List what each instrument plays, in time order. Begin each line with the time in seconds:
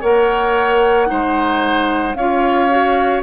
0.00 bassoon A#3, clarinet A#4, oboe C#5, flute F#5
1.06 bassoon G#3, clarinet D#4, oboe C5
2.14 bassoon C#4, clarinet F4, oboe C#5, flute F5
2.70 clarinet F#4